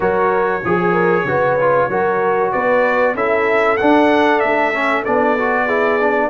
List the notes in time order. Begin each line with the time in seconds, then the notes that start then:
0.00 F#3 F#4 A#4 C#5
0.64 F3 G#4
0.91 A#4
1.24 C#3 F#4 B4
1.59 F4
1.88 F#3 F#4 A#4
2.52 B3 B4 D5
3.14 C#4 E4 A4 E5
3.77 D4 F#5
4.39 A3 E5
4.73 C#4
5.04 B3 D4 D5
5.38 F#4
5.65 E4 G#4
5.99 D4